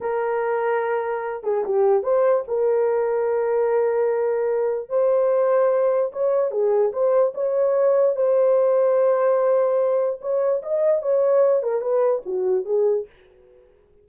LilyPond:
\new Staff \with { instrumentName = "horn" } { \time 4/4 \tempo 4 = 147 ais'2.~ ais'8 gis'8 | g'4 c''4 ais'2~ | ais'1 | c''2. cis''4 |
gis'4 c''4 cis''2 | c''1~ | c''4 cis''4 dis''4 cis''4~ | cis''8 ais'8 b'4 fis'4 gis'4 | }